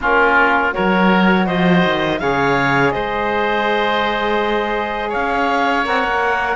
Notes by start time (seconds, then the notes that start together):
0.00 A#3 C#4 F4 A#4
0.70 F#4 A#4 C#5
0.77 F#3
1.46 F3 C5 D#5
1.84 D#3
2.19 C#3 G#4 C#5 F5
2.90 G#3 C5 D#5
5.09 C#5 F5
5.15 C#4
5.84 C4 A#4 F#5
6.04 A#3